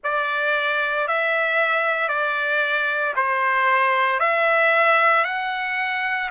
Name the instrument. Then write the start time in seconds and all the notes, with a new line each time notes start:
trumpet
0.03 D5
1.07 E5
2.08 D5
3.16 C5
4.19 E5
5.24 F#5